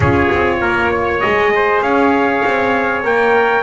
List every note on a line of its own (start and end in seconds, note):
0.00 0.29 C#4
0.00 1.22 F4
0.00 0.57 G#4
0.00 1.20 C#5
0.32 0.61 C4
0.61 1.21 A#3
0.61 0.91 A#4
0.91 1.51 C#5
1.20 1.81 G#3
1.20 3.03 G#4
1.20 1.80 D#5
1.55 1.83 C5
1.81 2.42 C#4
1.81 3.62 C#5
1.81 3.03 F5
2.44 3.04 C4
3.03 3.62 A#3
3.03 3.62 A#4
3.03 3.62 G5